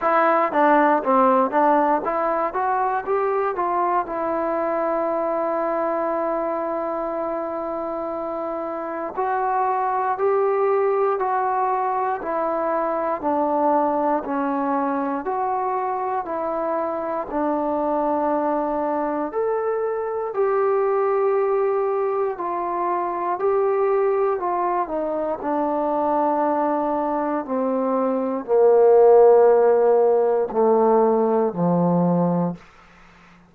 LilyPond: \new Staff \with { instrumentName = "trombone" } { \time 4/4 \tempo 4 = 59 e'8 d'8 c'8 d'8 e'8 fis'8 g'8 f'8 | e'1~ | e'4 fis'4 g'4 fis'4 | e'4 d'4 cis'4 fis'4 |
e'4 d'2 a'4 | g'2 f'4 g'4 | f'8 dis'8 d'2 c'4 | ais2 a4 f4 | }